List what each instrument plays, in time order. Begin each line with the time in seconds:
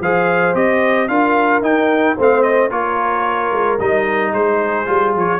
0.00 tuba F3, trombone G#4, horn C5, trumpet F5
0.54 tuba C4, trombone G4, trumpet D#5
1.07 tuba D4, trombone F4, horn A#4, trumpet F5
1.61 tuba D#4, trombone D#4, trumpet G5
2.16 tuba A3, trombone C4, horn C5, trumpet F5
2.42 trumpet D#5
2.69 tuba A#3, trombone F4, horn A#4, trumpet C#5
3.52 tuba G#3
3.79 tuba G3, trombone D#4, trumpet D#5
4.33 tuba G#3, horn G#4, trumpet C5
4.85 tuba G3, trombone F4
5.14 tuba F3, trumpet C#5